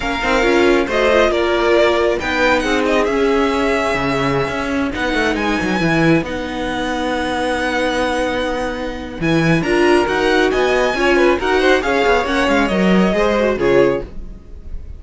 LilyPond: <<
  \new Staff \with { instrumentName = "violin" } { \time 4/4 \tempo 4 = 137 f''2 dis''4 d''4~ | d''4 g''4 fis''8 dis''8 e''4~ | e''2.~ e''16 fis''8.~ | fis''16 gis''2 fis''4.~ fis''16~ |
fis''1~ | fis''4 gis''4 ais''4 fis''4 | gis''2 fis''4 f''4 | fis''8 f''8 dis''2 cis''4 | }
  \new Staff \with { instrumentName = "violin" } { \time 4/4 ais'2 c''4 ais'4~ | ais'4 b'4 gis'2~ | gis'2.~ gis'16 b'8.~ | b'1~ |
b'1~ | b'2 ais'2 | dis''4 cis''8 b'8 ais'8 c''8 cis''4~ | cis''2 c''4 gis'4 | }
  \new Staff \with { instrumentName = "viola" } { \time 4/4 cis'8 dis'8 f'4 fis'8 f'4.~ | f'4 dis'2 cis'4~ | cis'2.~ cis'16 dis'8.~ | dis'4~ dis'16 e'4 dis'4.~ dis'16~ |
dis'1~ | dis'4 e'4 f'4 fis'4~ | fis'4 f'4 fis'4 gis'4 | cis'4 ais'4 gis'8 fis'8 f'4 | }
  \new Staff \with { instrumentName = "cello" } { \time 4/4 ais8 c'8 cis'4 a4 ais4~ | ais4 b4 c'4 cis'4~ | cis'4 cis4~ cis16 cis'4 b8 a16~ | a16 gis8 fis8 e4 b4.~ b16~ |
b1~ | b4 e4 d'4 dis'4 | b4 cis'4 dis'4 cis'8 b8 | ais8 gis8 fis4 gis4 cis4 | }
>>